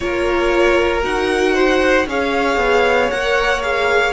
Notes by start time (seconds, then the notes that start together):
0.00 A#3 F4 A#4 C#5
1.01 D#4 F#4 F#5
1.53 C5
2.06 C#4 G#4 C#5 F5
2.56 B3
3.10 A#3 A#4 F#5
3.62 G#4 F5